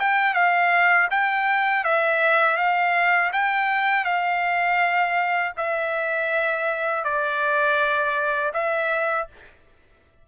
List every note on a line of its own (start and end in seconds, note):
0.00 0.34 G5
0.34 1.08 F5
1.11 1.85 G5
1.85 2.57 E5
2.57 3.31 F5
3.33 4.05 G5
4.05 5.53 F5
5.57 7.04 E5
7.04 8.52 D5
8.54 9.28 E5